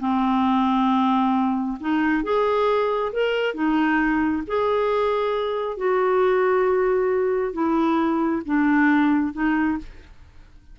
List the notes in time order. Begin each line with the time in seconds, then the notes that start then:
0.00 C4
1.80 D#4
2.24 G#4
3.13 A#4
3.54 D#4
4.47 G#4
5.77 F#4
7.53 E4
8.46 D4
9.33 D#4